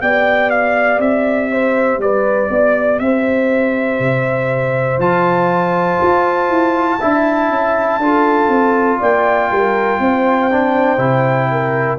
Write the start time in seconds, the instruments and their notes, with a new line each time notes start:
0.00 tuba B3, trombone G4, horn D5, trumpet G5
0.50 trumpet F5
0.98 tuba C4, trumpet E5
1.51 horn C5
1.98 tuba G3, horn B4, trumpet D5
2.49 tuba B3, horn D5
2.99 tuba C4, horn C5, trumpet E5
3.99 tuba C3
4.98 tuba F3, trombone F4, trumpet A5
6.02 tuba F4
6.49 tuba E4
6.99 tuba D4, trombone E4, horn E5
7.49 tuba C#4
7.98 tuba D4, trombone F4, horn A4
8.48 tuba C4
8.99 tuba A#3, horn D5, trumpet G5
9.50 tuba G3, horn A#4
9.99 tuba C4, horn C5
10.51 trombone D4
10.97 tuba C3, trombone E4
11.51 horn A#4